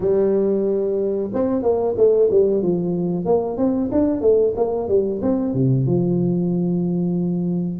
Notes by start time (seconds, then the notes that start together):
0.00 G3
1.33 C4
1.62 A#3
1.97 A3
2.30 G3
2.62 F3
3.25 A#3
3.57 C4
3.91 D4
4.21 A3
4.55 A#3
4.88 G3
5.22 C4
5.53 C3
5.86 F3